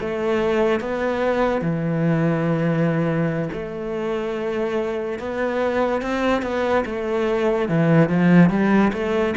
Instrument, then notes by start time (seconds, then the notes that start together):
cello
0.00 A3
0.80 B3
1.61 E3
3.53 A3
5.19 B3
6.02 C4
6.42 B3
6.85 A3
7.69 E3
8.09 F3
8.50 G3
8.93 A3